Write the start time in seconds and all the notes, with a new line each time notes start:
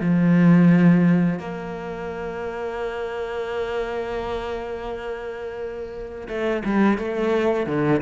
0.00 F3
1.39 A#3
6.28 A3
6.65 G3
6.98 A3
7.66 D3